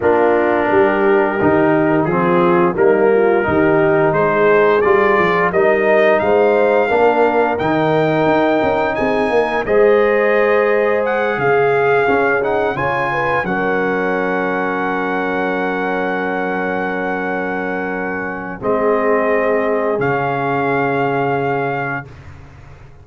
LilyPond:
<<
  \new Staff \with { instrumentName = "trumpet" } { \time 4/4 \tempo 4 = 87 ais'2. gis'4 | ais'2 c''4 d''4 | dis''4 f''2 g''4~ | g''4 gis''4 dis''2 |
fis''8 f''4. fis''8 gis''4 fis''8~ | fis''1~ | fis''2. dis''4~ | dis''4 f''2. | }
  \new Staff \with { instrumentName = "horn" } { \time 4/4 f'4 g'2 f'4 | dis'8 f'8 g'4 gis'2 | ais'4 c''4 ais'2~ | ais'4 gis'8 ais'8 c''2~ |
c''8 gis'2 cis''8 b'8 ais'8~ | ais'1~ | ais'2. gis'4~ | gis'1 | }
  \new Staff \with { instrumentName = "trombone" } { \time 4/4 d'2 dis'4 c'4 | ais4 dis'2 f'4 | dis'2 d'4 dis'4~ | dis'2 gis'2~ |
gis'4. cis'8 dis'8 f'4 cis'8~ | cis'1~ | cis'2. c'4~ | c'4 cis'2. | }
  \new Staff \with { instrumentName = "tuba" } { \time 4/4 ais4 g4 dis4 f4 | g4 dis4 gis4 g8 f8 | g4 gis4 ais4 dis4 | dis'8 cis'8 c'8 ais8 gis2~ |
gis8 cis4 cis'4 cis4 fis8~ | fis1~ | fis2. gis4~ | gis4 cis2. | }
>>